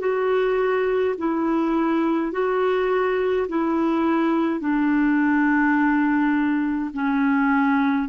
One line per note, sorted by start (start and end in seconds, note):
0.00 1.15 F#4
1.19 2.32 E4
2.32 3.48 F#4
3.49 4.60 E4
4.60 6.91 D4
6.94 8.09 C#4